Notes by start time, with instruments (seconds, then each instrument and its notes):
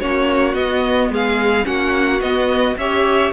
0.00 cello A#3, viola C#4, violin F#4 C#5
0.54 cello B3, viola B3, violin D#5
1.10 cello G#3, violin G#4 F5
1.64 cello A#3, viola C#4, violin F#4 F#5
2.21 cello B3, viola B3, violin D#5
2.77 cello C#4, viola G4, violin C#5 E5